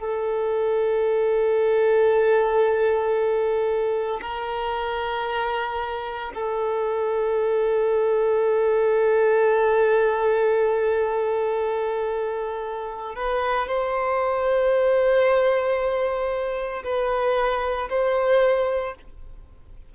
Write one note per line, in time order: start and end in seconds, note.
0.00 4.21 A4
4.22 6.32 A#4
6.35 13.16 A4
13.16 13.68 B4
13.68 16.84 C5
16.84 17.89 B4
17.90 18.95 C5